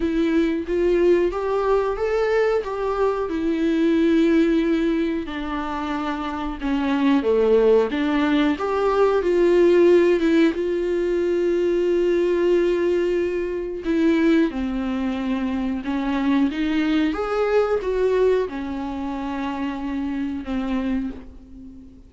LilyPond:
\new Staff \with { instrumentName = "viola" } { \time 4/4 \tempo 4 = 91 e'4 f'4 g'4 a'4 | g'4 e'2. | d'2 cis'4 a4 | d'4 g'4 f'4. e'8 |
f'1~ | f'4 e'4 c'2 | cis'4 dis'4 gis'4 fis'4 | cis'2. c'4 | }